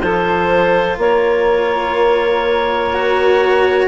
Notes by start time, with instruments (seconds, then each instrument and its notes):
0.00 bassoon F3, cello F4, saxophone A4, clarinet C5
0.98 bassoon A#3, saxophone A#4, clarinet C#5
2.94 cello F#4